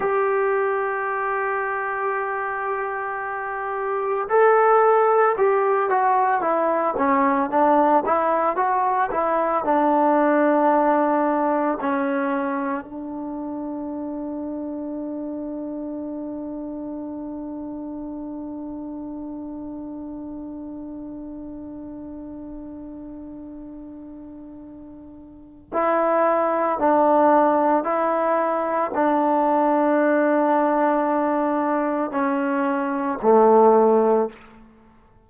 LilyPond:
\new Staff \with { instrumentName = "trombone" } { \time 4/4 \tempo 4 = 56 g'1 | a'4 g'8 fis'8 e'8 cis'8 d'8 e'8 | fis'8 e'8 d'2 cis'4 | d'1~ |
d'1~ | d'1 | e'4 d'4 e'4 d'4~ | d'2 cis'4 a4 | }